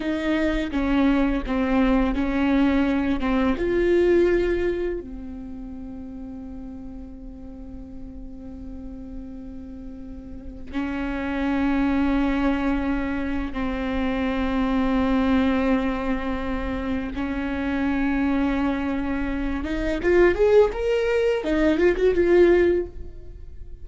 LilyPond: \new Staff \with { instrumentName = "viola" } { \time 4/4 \tempo 4 = 84 dis'4 cis'4 c'4 cis'4~ | cis'8 c'8 f'2 c'4~ | c'1~ | c'2. cis'4~ |
cis'2. c'4~ | c'1 | cis'2.~ cis'8 dis'8 | f'8 gis'8 ais'4 dis'8 f'16 fis'16 f'4 | }